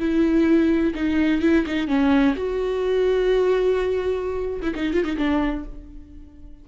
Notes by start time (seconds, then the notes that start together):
0.00 E4
0.95 D#4
1.42 E4
1.67 D#4
1.88 C#4
2.36 F#4
4.63 E4
4.76 D#4
4.94 F4
5.05 D#4
5.18 D4